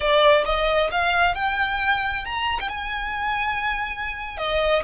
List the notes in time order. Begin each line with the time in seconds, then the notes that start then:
0.00 D5
0.45 D#5
0.91 F5
1.35 G5
2.25 A#5
2.60 G5
2.68 G#5
4.37 D#5